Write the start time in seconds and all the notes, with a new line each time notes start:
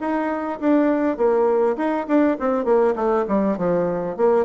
0.00 D#4
0.60 D4
1.17 A#3
1.77 D#4
2.07 D4
2.39 C4
2.64 A#3
2.95 A3
3.28 G3
3.57 F3
4.17 A#3